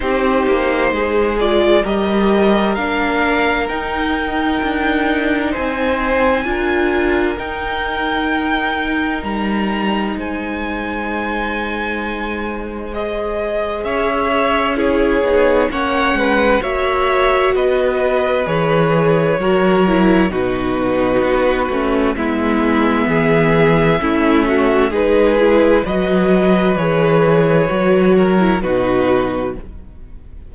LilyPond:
<<
  \new Staff \with { instrumentName = "violin" } { \time 4/4 \tempo 4 = 65 c''4. d''8 dis''4 f''4 | g''2 gis''2 | g''2 ais''4 gis''4~ | gis''2 dis''4 e''4 |
cis''4 fis''4 e''4 dis''4 | cis''2 b'2 | e''2. b'4 | dis''4 cis''2 b'4 | }
  \new Staff \with { instrumentName = "violin" } { \time 4/4 g'4 gis'4 ais'2~ | ais'2 c''4 ais'4~ | ais'2. c''4~ | c''2. cis''4 |
gis'4 cis''8 b'8 cis''4 b'4~ | b'4 ais'4 fis'2 | e'4 gis'4 e'8 fis'8 gis'4 | b'2~ b'8 ais'8 fis'4 | }
  \new Staff \with { instrumentName = "viola" } { \time 4/4 dis'4. f'8 g'4 d'4 | dis'2. f'4 | dis'1~ | dis'2 gis'2 |
e'8 dis'8 cis'4 fis'2 | gis'4 fis'8 e'8 dis'4. cis'8 | b2 cis'4 dis'8 e'8 | fis'4 gis'4 fis'8. e'16 dis'4 | }
  \new Staff \with { instrumentName = "cello" } { \time 4/4 c'8 ais8 gis4 g4 ais4 | dis'4 d'4 c'4 d'4 | dis'2 g4 gis4~ | gis2. cis'4~ |
cis'8 b8 ais8 gis8 ais4 b4 | e4 fis4 b,4 b8 a8 | gis4 e4 a4 gis4 | fis4 e4 fis4 b,4 | }
>>